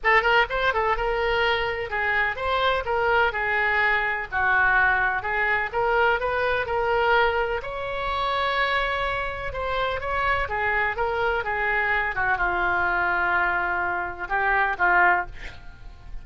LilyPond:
\new Staff \with { instrumentName = "oboe" } { \time 4/4 \tempo 4 = 126 a'8 ais'8 c''8 a'8 ais'2 | gis'4 c''4 ais'4 gis'4~ | gis'4 fis'2 gis'4 | ais'4 b'4 ais'2 |
cis''1 | c''4 cis''4 gis'4 ais'4 | gis'4. fis'8 f'2~ | f'2 g'4 f'4 | }